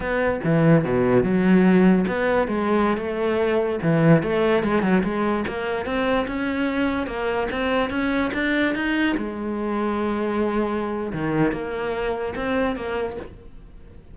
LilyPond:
\new Staff \with { instrumentName = "cello" } { \time 4/4 \tempo 4 = 146 b4 e4 b,4 fis4~ | fis4 b4 gis4~ gis16 a8.~ | a4~ a16 e4 a4 gis8 fis16~ | fis16 gis4 ais4 c'4 cis'8.~ |
cis'4~ cis'16 ais4 c'4 cis'8.~ | cis'16 d'4 dis'4 gis4.~ gis16~ | gis2. dis4 | ais2 c'4 ais4 | }